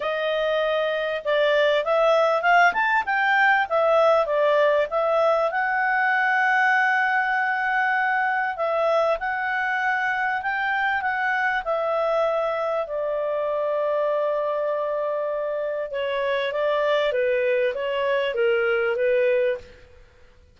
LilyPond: \new Staff \with { instrumentName = "clarinet" } { \time 4/4 \tempo 4 = 98 dis''2 d''4 e''4 | f''8 a''8 g''4 e''4 d''4 | e''4 fis''2.~ | fis''2 e''4 fis''4~ |
fis''4 g''4 fis''4 e''4~ | e''4 d''2.~ | d''2 cis''4 d''4 | b'4 cis''4 ais'4 b'4 | }